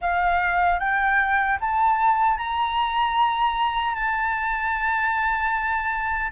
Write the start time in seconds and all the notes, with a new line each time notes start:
0.01 F5
0.79 G5
1.60 A5
2.37 A#5
3.94 A5